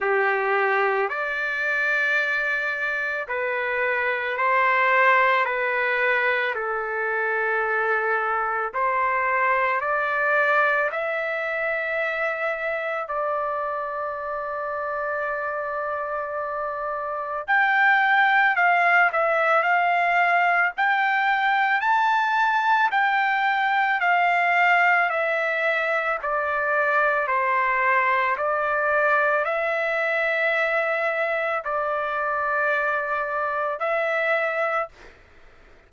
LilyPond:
\new Staff \with { instrumentName = "trumpet" } { \time 4/4 \tempo 4 = 55 g'4 d''2 b'4 | c''4 b'4 a'2 | c''4 d''4 e''2 | d''1 |
g''4 f''8 e''8 f''4 g''4 | a''4 g''4 f''4 e''4 | d''4 c''4 d''4 e''4~ | e''4 d''2 e''4 | }